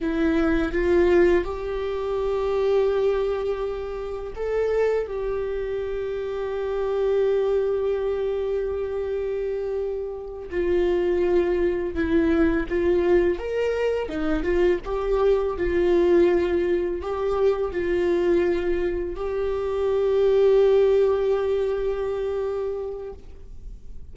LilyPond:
\new Staff \with { instrumentName = "viola" } { \time 4/4 \tempo 4 = 83 e'4 f'4 g'2~ | g'2 a'4 g'4~ | g'1~ | g'2~ g'8 f'4.~ |
f'8 e'4 f'4 ais'4 dis'8 | f'8 g'4 f'2 g'8~ | g'8 f'2 g'4.~ | g'1 | }